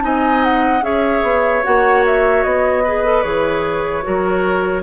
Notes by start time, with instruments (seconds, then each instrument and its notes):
0.00 bassoon C4, clarinet D#4, oboe D#5, flute G#5
0.44 flute F#5
0.82 bassoon C#4, clarinet G#4, oboe C#5, flute E5
1.22 bassoon B3
1.63 bassoon A#3, clarinet F#4, flute F#5
2.06 flute E5
2.43 bassoon B3, flute D#5
2.84 clarinet G#4, oboe B4
3.05 clarinet A4
3.22 bassoon E3, clarinet G#4, flute C#5
4.03 bassoon F#3, clarinet F#4, oboe A#4